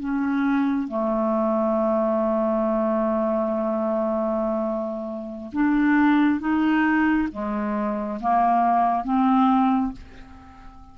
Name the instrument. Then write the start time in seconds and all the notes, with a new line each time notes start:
clarinet
0.00 C#4
0.88 A3
5.53 D4
6.40 D#4
7.32 G#3
8.21 A#3
9.04 C4